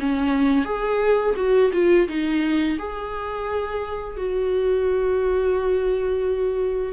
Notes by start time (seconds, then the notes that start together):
0.00 C#4
0.65 G#4
1.36 F#4
1.73 F4
2.08 D#4
2.79 G#4
4.17 F#4